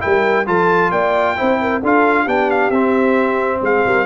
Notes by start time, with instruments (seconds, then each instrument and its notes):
0.00 tuba G3, trombone E4, horn A#4, trumpet G5
0.46 tuba F3, trombone F4, horn A4, trumpet A5
0.91 tuba A#3, horn D5, trumpet G5
1.37 tuba C4, trombone E4, horn C5
1.61 horn A#4
1.81 tuba D4, trombone F4, horn A4, trumpet F5
2.23 tuba B3, trombone D4, horn G4, trumpet G5
2.50 trumpet F5
2.70 tuba C4, trombone C4, trumpet E5
3.62 tuba G#3, horn G#4, trumpet F5
3.86 tuba G3, horn A#4